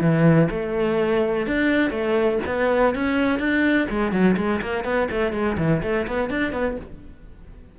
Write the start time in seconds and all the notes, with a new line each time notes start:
0.00 E3
0.50 A3
1.46 D4
1.90 A3
2.46 B3
2.95 C#4
3.39 D4
3.89 G#3
4.12 F#3
4.36 G#3
4.61 A#3
4.84 B3
5.11 A3
5.32 G#3
5.58 E3
5.82 A3
6.07 B3
6.30 D4
6.52 B3